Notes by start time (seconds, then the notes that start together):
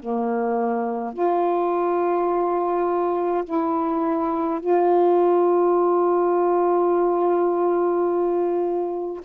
0.00 A#3
1.14 F4
3.45 E4
4.60 F4